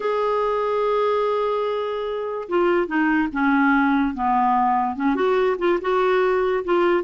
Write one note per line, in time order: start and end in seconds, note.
0.00 2.48 G#4
2.48 2.87 F4
2.87 3.28 D#4
3.32 4.14 C#4
4.14 4.96 B3
4.96 5.15 C#4
5.15 5.56 F#4
5.58 5.79 F4
5.81 6.63 F#4
6.64 7.03 F4